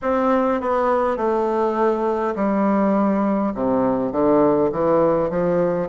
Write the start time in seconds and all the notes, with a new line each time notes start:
0.02 C4
0.60 B3
1.17 A3
2.35 G3
3.54 C3
4.12 D3
4.72 E3
5.29 F3